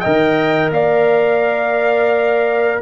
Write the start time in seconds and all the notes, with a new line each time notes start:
0.00 D#3 A#4 D#5 G5
0.70 A#3 D5 F5